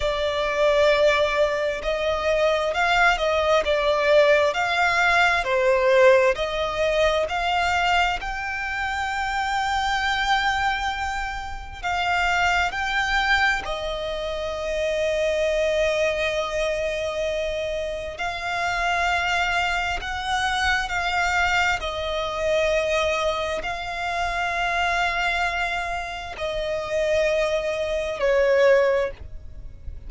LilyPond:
\new Staff \with { instrumentName = "violin" } { \time 4/4 \tempo 4 = 66 d''2 dis''4 f''8 dis''8 | d''4 f''4 c''4 dis''4 | f''4 g''2.~ | g''4 f''4 g''4 dis''4~ |
dis''1 | f''2 fis''4 f''4 | dis''2 f''2~ | f''4 dis''2 cis''4 | }